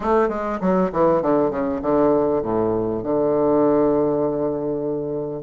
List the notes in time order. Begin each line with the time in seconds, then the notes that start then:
0.00 A3
0.28 G#3
0.60 F#3
0.92 E3
1.22 D3
1.50 C#3
1.82 D3
2.42 A2
3.03 D3